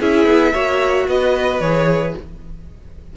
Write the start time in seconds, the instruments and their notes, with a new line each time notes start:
0.00 cello C#4, viola E4, violin G#4 E5
0.26 cello B3
0.53 cello A#3, viola F#4, violin C#5
1.08 cello B3, violin B4 D#5
1.60 cello E3, viola G#4, violin C#5